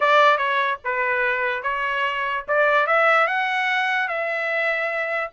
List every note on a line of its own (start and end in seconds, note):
0.00 0.37 D5
0.37 0.78 C#5
0.84 1.63 B4
1.63 2.44 C#5
2.48 2.87 D5
2.87 3.27 E5
3.27 4.08 F#5
4.08 5.30 E5